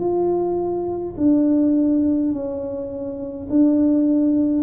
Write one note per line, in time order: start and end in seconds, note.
0.00 1.15 F4
1.18 2.33 D4
2.33 3.48 C#4
3.50 4.64 D4